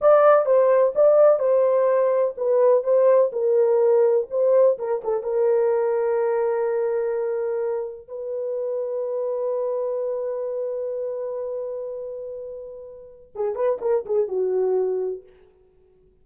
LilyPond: \new Staff \with { instrumentName = "horn" } { \time 4/4 \tempo 4 = 126 d''4 c''4 d''4 c''4~ | c''4 b'4 c''4 ais'4~ | ais'4 c''4 ais'8 a'8 ais'4~ | ais'1~ |
ais'4 b'2.~ | b'1~ | b'1 | gis'8 b'8 ais'8 gis'8 fis'2 | }